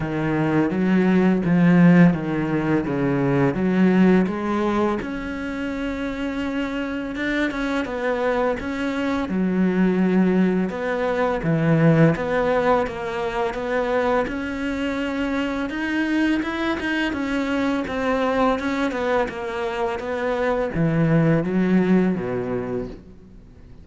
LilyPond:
\new Staff \with { instrumentName = "cello" } { \time 4/4 \tempo 4 = 84 dis4 fis4 f4 dis4 | cis4 fis4 gis4 cis'4~ | cis'2 d'8 cis'8 b4 | cis'4 fis2 b4 |
e4 b4 ais4 b4 | cis'2 dis'4 e'8 dis'8 | cis'4 c'4 cis'8 b8 ais4 | b4 e4 fis4 b,4 | }